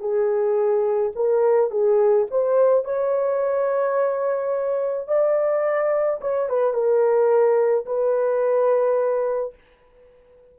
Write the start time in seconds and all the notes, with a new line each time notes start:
0.00 G#4
1.16 A#4
1.71 G#4
2.31 C5
2.85 C#5
5.08 D5
6.21 C#5
6.49 B4
6.74 A#4
7.86 B4